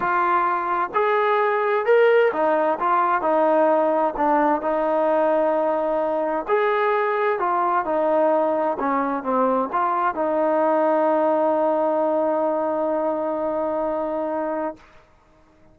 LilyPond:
\new Staff \with { instrumentName = "trombone" } { \time 4/4 \tempo 4 = 130 f'2 gis'2 | ais'4 dis'4 f'4 dis'4~ | dis'4 d'4 dis'2~ | dis'2 gis'2 |
f'4 dis'2 cis'4 | c'4 f'4 dis'2~ | dis'1~ | dis'1 | }